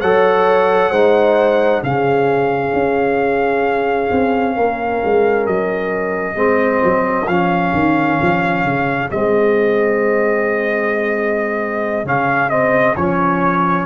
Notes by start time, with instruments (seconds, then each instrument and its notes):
0.00 tuba F#3, trombone A4, horn C#5, trumpet F#5
0.90 tuba G#3, trombone D#4, horn C5
1.83 tuba C#3, trombone C#4, horn G#4, trumpet F5
2.73 tuba C#4
4.11 tuba C4
4.56 tuba A#3, horn A#4
5.04 tuba G#3
5.46 tuba F#3, trumpet D#5
6.35 tuba G#3, trombone C4, horn G#4
6.83 tuba F#3
7.27 tuba F3, trombone C#4, trumpet F5
7.73 tuba D#3
8.21 tuba F3
8.64 tuba C#3
9.10 tuba G#3, trombone C4, trumpet D#5
12.04 tuba C#3, trombone C#4, trumpet F5
12.49 trombone C4, trumpet D#5
12.95 tuba F3, trombone C#4, trumpet C#5